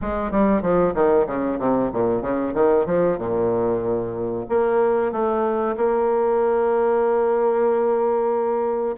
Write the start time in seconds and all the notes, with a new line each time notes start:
0.01 G#3
0.31 G3
0.62 F3
0.94 D#3
1.26 C#3
1.59 C3
1.92 A#2
2.21 C#3
2.54 D#3
2.85 F3
3.18 A#2
4.49 A#3
5.12 A3
5.76 A#3